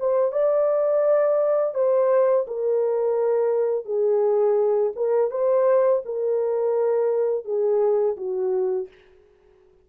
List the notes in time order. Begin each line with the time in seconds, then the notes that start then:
0.00 C5
0.32 D5
1.75 C5
2.48 A#4
3.86 G#4
4.96 A#4
5.31 C5
6.06 A#4
7.45 G#4
8.17 F#4